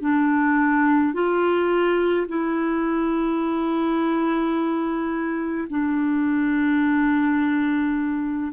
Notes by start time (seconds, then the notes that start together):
0.00 D4
1.13 F4
2.28 E4
5.69 D4